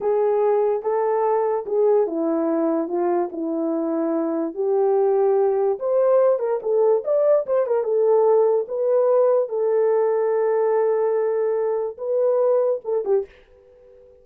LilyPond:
\new Staff \with { instrumentName = "horn" } { \time 4/4 \tempo 4 = 145 gis'2 a'2 | gis'4 e'2 f'4 | e'2. g'4~ | g'2 c''4. ais'8 |
a'4 d''4 c''8 ais'8 a'4~ | a'4 b'2 a'4~ | a'1~ | a'4 b'2 a'8 g'8 | }